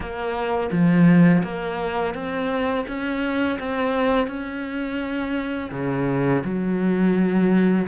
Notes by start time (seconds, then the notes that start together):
0.00 A#3
0.71 F3
1.43 A#3
2.14 C4
2.87 C#4
3.59 C4
4.27 C#4
5.71 C#3
6.44 F#3